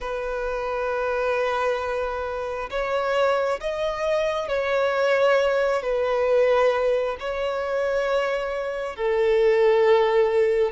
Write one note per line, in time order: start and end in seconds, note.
0.00 2.69 B4
2.70 3.60 C#5
3.60 4.48 D#5
4.48 5.82 C#5
5.82 7.16 B4
7.19 8.96 C#5
8.96 10.71 A4